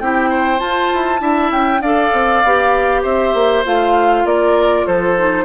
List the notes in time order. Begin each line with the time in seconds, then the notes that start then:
0.00 C4 E4 G4 G5
0.30 C5
0.59 F4 A5
0.94 E4
1.19 D4 E4 E5
1.51 C#4 G5
1.80 D4 A4 D5 F5
2.12 C4
2.44 B3 G4
3.02 C4 C5 E5
3.33 A#3
3.65 A3 F4 F5
4.25 A#3 A#4 D5
4.86 F3 A4 C5
5.16 D#4